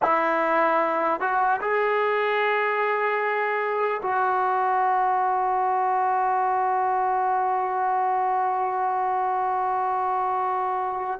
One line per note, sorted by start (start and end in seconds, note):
0.02 1.20 E4
1.20 1.60 F#4
1.61 4.01 G#4
4.02 11.20 F#4